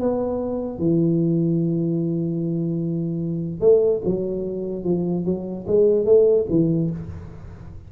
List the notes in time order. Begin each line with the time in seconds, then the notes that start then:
0.00 B3
0.79 E3
3.61 A3
4.05 F#3
4.84 F3
5.25 F#3
5.67 G#3
6.05 A3
6.50 E3